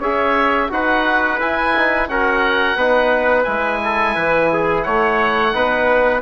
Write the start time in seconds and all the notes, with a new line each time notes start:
0.00 C#4 G#4 C#5 E5
0.70 D#4 F#4 B4 F#5
1.40 E4 G#5
1.77 D#4
2.08 C#4 F#4 A#4 F#5
2.76 B3 D#4 B4
3.44 G#3 E4 G#5
3.84 A4
4.15 E3 B4
4.53 G#4
4.84 A3 C#5 F#5
5.52 B3 D#4 B4